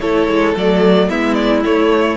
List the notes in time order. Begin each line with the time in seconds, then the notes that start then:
0.00 A3 E4 A4 C#5
0.27 G#3
0.55 F#3 A3 D5
1.09 G#3 B3 E4 E5
1.34 D5
1.64 A3 C#5